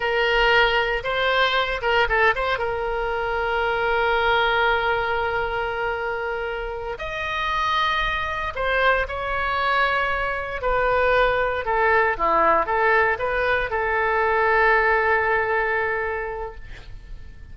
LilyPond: \new Staff \with { instrumentName = "oboe" } { \time 4/4 \tempo 4 = 116 ais'2 c''4. ais'8 | a'8 c''8 ais'2.~ | ais'1~ | ais'4. dis''2~ dis''8~ |
dis''8 c''4 cis''2~ cis''8~ | cis''8 b'2 a'4 e'8~ | e'8 a'4 b'4 a'4.~ | a'1 | }